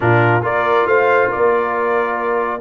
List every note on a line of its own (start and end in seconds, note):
0.00 0.41 A#2
0.00 0.40 D4
0.00 0.44 F4
0.00 0.44 A#4
0.41 0.85 A#3
0.41 2.59 F4
0.41 0.86 A#4
0.41 0.87 D5
0.85 1.28 A3
0.85 1.29 C5
0.85 1.30 F5
1.29 2.61 A#3
1.29 2.60 A#4
1.29 2.61 D5